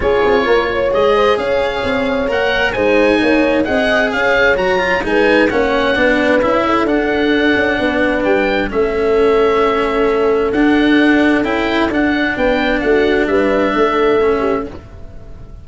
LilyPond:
<<
  \new Staff \with { instrumentName = "oboe" } { \time 4/4 \tempo 4 = 131 cis''2 dis''4 f''4~ | f''4 fis''4 gis''2 | fis''4 f''4 ais''4 gis''4 | fis''2 e''4 fis''4~ |
fis''2 g''4 e''4~ | e''2. fis''4~ | fis''4 g''4 fis''4 g''4 | fis''4 e''2. | }
  \new Staff \with { instrumentName = "horn" } { \time 4/4 gis'4 ais'8 cis''4 c''8 cis''4~ | cis''2 c''4 cis''4 | dis''4 cis''2 b'4 | cis''4 b'4. a'4.~ |
a'4 b'2 a'4~ | a'1~ | a'2. b'4 | fis'4 b'4 a'4. g'8 | }
  \new Staff \with { instrumentName = "cello" } { \time 4/4 f'2 gis'2~ | gis'4 ais'4 dis'2 | gis'2 fis'8 f'8 dis'4 | cis'4 d'4 e'4 d'4~ |
d'2. cis'4~ | cis'2. d'4~ | d'4 e'4 d'2~ | d'2. cis'4 | }
  \new Staff \with { instrumentName = "tuba" } { \time 4/4 cis'8 c'8 ais4 gis4 cis'4 | c'4 ais4 gis4 ais4 | c'4 cis'4 fis4 gis4 | ais4 b4 cis'4 d'4~ |
d'8 cis'8 b4 g4 a4~ | a2. d'4~ | d'4 cis'4 d'4 b4 | a4 g4 a2 | }
>>